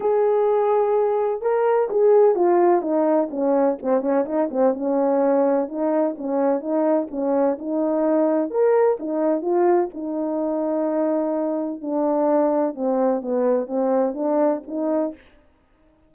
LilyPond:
\new Staff \with { instrumentName = "horn" } { \time 4/4 \tempo 4 = 127 gis'2. ais'4 | gis'4 f'4 dis'4 cis'4 | c'8 cis'8 dis'8 c'8 cis'2 | dis'4 cis'4 dis'4 cis'4 |
dis'2 ais'4 dis'4 | f'4 dis'2.~ | dis'4 d'2 c'4 | b4 c'4 d'4 dis'4 | }